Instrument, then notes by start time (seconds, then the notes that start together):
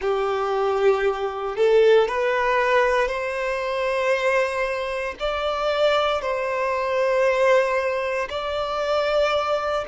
violin
0.01 G4
1.56 A4
2.07 B4
3.08 C5
5.19 D5
6.21 C5
8.29 D5